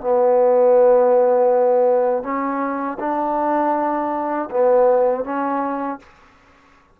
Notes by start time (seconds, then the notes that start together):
0.00 B3
2.23 C#4
2.99 D4
4.50 B3
5.24 C#4